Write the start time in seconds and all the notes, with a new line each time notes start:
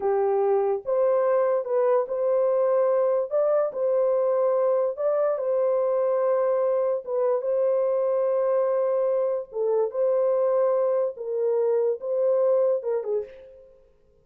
0.00 G4
0.85 C5
1.64 B4
2.07 C5
3.30 D5
3.72 C5
4.96 D5
5.38 C5
7.04 B4
7.41 C5
9.52 A4
9.90 C5
11.16 A#4
12.00 C5
12.83 A#4
13.03 G#4